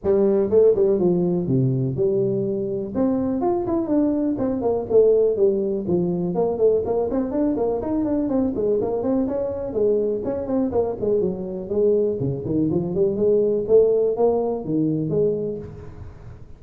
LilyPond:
\new Staff \with { instrumentName = "tuba" } { \time 4/4 \tempo 4 = 123 g4 a8 g8 f4 c4 | g2 c'4 f'8 e'8 | d'4 c'8 ais8 a4 g4 | f4 ais8 a8 ais8 c'8 d'8 ais8 |
dis'8 d'8 c'8 gis8 ais8 c'8 cis'4 | gis4 cis'8 c'8 ais8 gis8 fis4 | gis4 cis8 dis8 f8 g8 gis4 | a4 ais4 dis4 gis4 | }